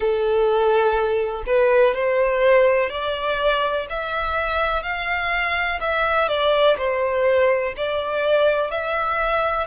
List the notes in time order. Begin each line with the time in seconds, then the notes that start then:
0.00 A4
1.46 B4
1.94 C5
2.89 D5
3.89 E5
4.82 F5
5.80 E5
6.28 D5
6.77 C5
7.76 D5
8.71 E5